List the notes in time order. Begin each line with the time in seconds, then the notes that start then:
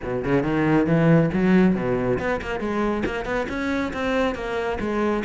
0.02 B2
0.24 C#3
0.42 D#3
0.86 E3
1.33 F#3
1.75 B2
2.19 B3
2.41 A#3
2.59 G#3
3.05 A#3
3.25 B3
3.48 C#4
3.93 C4
4.35 A#3
4.80 G#3